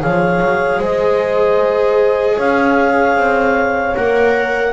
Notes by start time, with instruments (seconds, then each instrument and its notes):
0.00 double bass F3, viola G#4, horn C#5, clarinet F5
0.40 double bass F#3
0.79 double bass G#3, horn C5, clarinet D#5
2.35 double bass C#4, horn C#5, clarinet F5
3.16 double bass C4
3.95 double bass A#3, viola A#4, clarinet F#5